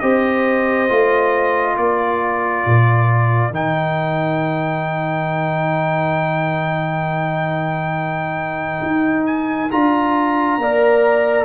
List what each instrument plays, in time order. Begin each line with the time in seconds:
0.00 tuba C4, trombone G4, horn C5, trumpet D#5
0.89 tuba A3, trombone F4
1.76 tuba A#3, horn A#4, trumpet D5
2.66 tuba A#2
3.51 tuba D#3, trombone D#4, trumpet G5
8.82 tuba D#4
9.27 trumpet G#5
9.71 tuba D4, trombone F4, trumpet A#5
10.58 tuba A#3, trombone A#4, horn D5